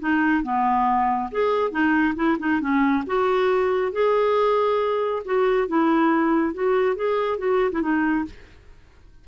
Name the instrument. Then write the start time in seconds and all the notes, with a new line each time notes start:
clarinet
0.00 D#4
0.43 B3
1.32 G#4
1.71 D#4
2.16 E4
2.39 D#4
2.61 C#4
3.07 F#4
3.92 G#4
5.25 F#4
5.68 E4
6.54 F#4
6.96 G#4
7.39 F#4
7.72 E4
7.82 D#4